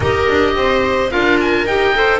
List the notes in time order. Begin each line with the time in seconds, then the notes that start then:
0.00 D#4 G4 A#4 D#5
0.28 D4
0.55 C4 C5
1.10 D4 F4 A#4 F5
1.40 G#5
1.64 D#4 G4 G5
1.94 A4 C5